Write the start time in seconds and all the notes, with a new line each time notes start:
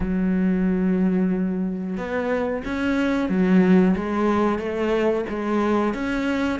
0.00 F#3
1.97 B3
2.65 C#4
3.29 F#3
3.96 G#3
4.59 A3
5.29 G#3
5.93 C#4